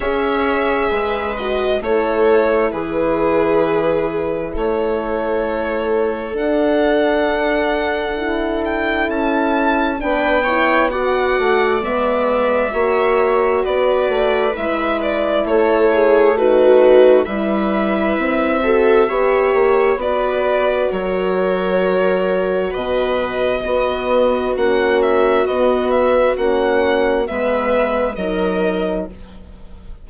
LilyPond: <<
  \new Staff \with { instrumentName = "violin" } { \time 4/4 \tempo 4 = 66 e''4. dis''8 cis''4 b'4~ | b'4 cis''2 fis''4~ | fis''4. g''8 a''4 g''4 | fis''4 e''2 d''4 |
e''8 d''8 cis''4 b'4 e''4~ | e''2 d''4 cis''4~ | cis''4 dis''2 fis''8 e''8 | dis''8 e''8 fis''4 e''4 dis''4 | }
  \new Staff \with { instrumentName = "viola" } { \time 4/4 cis''4 b'4 a'4 gis'4~ | gis'4 a'2.~ | a'2. b'8 cis''8 | d''2 cis''4 b'4~ |
b'4 a'8 gis'8 fis'4 b'4~ | b'8 a'8 cis''4 b'4 ais'4~ | ais'4 b'4 fis'2~ | fis'2 b'4 ais'4 | }
  \new Staff \with { instrumentName = "horn" } { \time 4/4 gis'4. fis'8 e'2~ | e'2. d'4~ | d'4 e'2 d'8 e'8 | fis'4 b4 fis'2 |
e'2 dis'4 e'4~ | e'8 fis'8 g'4 fis'2~ | fis'2 b4 cis'4 | b4 cis'4 b4 dis'4 | }
  \new Staff \with { instrumentName = "bassoon" } { \time 4/4 cis'4 gis4 a4 e4~ | e4 a2 d'4~ | d'2 cis'4 b4~ | b8 a8 gis4 ais4 b8 a8 |
gis4 a2 g4 | c'4 b8 ais8 b4 fis4~ | fis4 b,4 b4 ais4 | b4 ais4 gis4 fis4 | }
>>